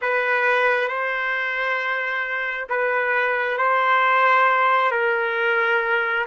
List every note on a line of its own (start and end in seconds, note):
0.01 0.88 B4
0.88 2.67 C5
2.69 3.57 B4
3.57 4.91 C5
4.91 6.25 A#4